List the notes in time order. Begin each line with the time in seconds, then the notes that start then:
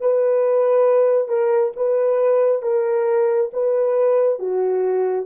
0.00 B4
1.28 A#4
1.76 B4
2.62 A#4
3.53 B4
4.39 F#4